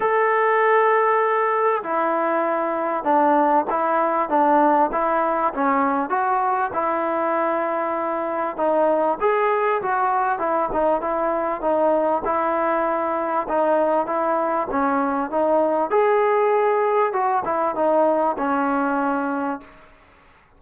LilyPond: \new Staff \with { instrumentName = "trombone" } { \time 4/4 \tempo 4 = 98 a'2. e'4~ | e'4 d'4 e'4 d'4 | e'4 cis'4 fis'4 e'4~ | e'2 dis'4 gis'4 |
fis'4 e'8 dis'8 e'4 dis'4 | e'2 dis'4 e'4 | cis'4 dis'4 gis'2 | fis'8 e'8 dis'4 cis'2 | }